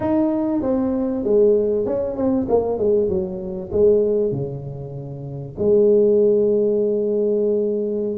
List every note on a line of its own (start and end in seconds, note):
0.00 0.62 D#4
0.62 1.24 C4
1.24 1.85 G#3
1.85 2.16 C#4
2.16 2.47 C4
2.48 2.78 A#3
2.78 3.08 G#3
3.08 3.70 F#3
3.72 4.31 G#3
4.31 5.55 C#3
5.58 8.18 G#3